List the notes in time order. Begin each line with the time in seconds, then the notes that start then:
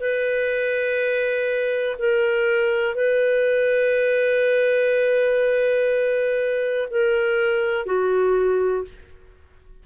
0.00 B4
1.99 A#4
2.95 B4
6.90 A#4
7.86 F#4